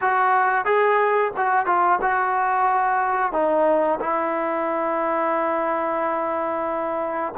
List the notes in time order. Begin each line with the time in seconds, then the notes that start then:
0.01 F#4
0.65 G#4
1.37 F#4
1.65 F4
2.02 F#4
3.32 D#4
4.00 E4